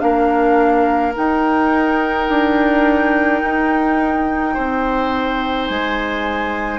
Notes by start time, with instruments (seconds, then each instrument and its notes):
0.00 bassoon A#3, clarinet D4, oboe A#4, flute F5
1.16 clarinet D#4, bassoon D#4, flute G5
2.30 bassoon D4
3.43 bassoon D#4
4.54 bassoon C4, oboe C5
5.67 bassoon G#3, flute G#5